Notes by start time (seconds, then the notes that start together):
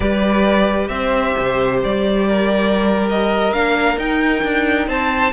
0.00 G3 G4 B4 D5
0.88 C4 C5 E5
1.38 C3
1.83 G3 D5
2.27 A#4
3.09 D#5
3.52 A#3 D4 F5
3.97 D#4 G5
4.43 D4
4.87 C4 C5 A5